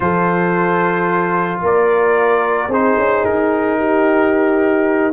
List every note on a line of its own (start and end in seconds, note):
0.00 1.59 F3
0.00 2.70 F4
0.00 1.61 A4
0.00 1.60 C5
1.61 2.67 A#3
1.61 2.69 A#4
1.61 2.72 D5
2.67 2.94 C4
2.67 5.13 D#4
2.67 3.77 G#4
2.67 3.25 C5
2.97 3.24 C#4
3.25 5.13 D#4
3.25 5.13 A#4
3.78 5.13 G4